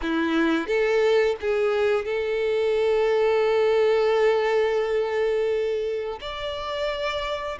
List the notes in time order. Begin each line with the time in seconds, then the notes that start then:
0.02 E4
0.67 A4
1.40 G#4
2.05 A4
6.20 D5